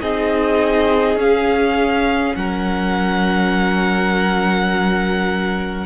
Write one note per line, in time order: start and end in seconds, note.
0.00 1.15 C4
0.00 1.18 D#4
0.00 2.36 G#4
0.00 1.18 D#5
1.15 2.33 C#4
1.15 5.86 C#4
1.15 2.35 F5
2.35 5.86 F#3
2.35 5.86 A#4
2.35 5.86 F#5